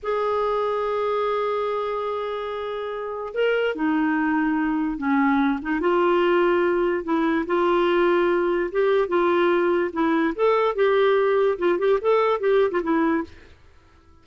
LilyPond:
\new Staff \with { instrumentName = "clarinet" } { \time 4/4 \tempo 4 = 145 gis'1~ | gis'1 | ais'4 dis'2. | cis'4. dis'8 f'2~ |
f'4 e'4 f'2~ | f'4 g'4 f'2 | e'4 a'4 g'2 | f'8 g'8 a'4 g'8. f'16 e'4 | }